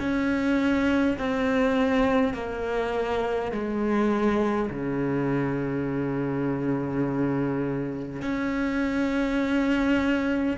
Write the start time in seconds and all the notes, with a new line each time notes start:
0.00 C#4
1.18 C4
2.34 A#3
3.52 G#3
4.70 C#3
8.22 C#4